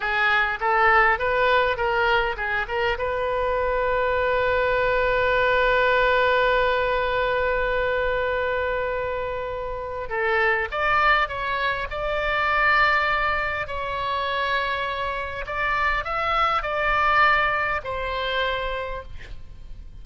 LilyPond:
\new Staff \with { instrumentName = "oboe" } { \time 4/4 \tempo 4 = 101 gis'4 a'4 b'4 ais'4 | gis'8 ais'8 b'2.~ | b'1~ | b'1~ |
b'4 a'4 d''4 cis''4 | d''2. cis''4~ | cis''2 d''4 e''4 | d''2 c''2 | }